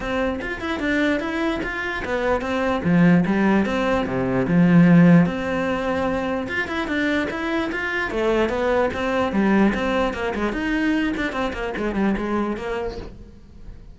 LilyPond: \new Staff \with { instrumentName = "cello" } { \time 4/4 \tempo 4 = 148 c'4 f'8 e'8 d'4 e'4 | f'4 b4 c'4 f4 | g4 c'4 c4 f4~ | f4 c'2. |
f'8 e'8 d'4 e'4 f'4 | a4 b4 c'4 g4 | c'4 ais8 gis8 dis'4. d'8 | c'8 ais8 gis8 g8 gis4 ais4 | }